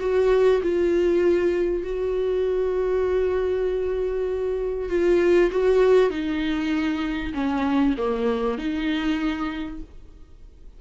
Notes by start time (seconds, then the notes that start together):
0.00 F#4
0.62 F4
1.83 F#4
4.89 F4
5.51 F#4
6.10 D#4
7.34 C#4
7.98 A#3
8.58 D#4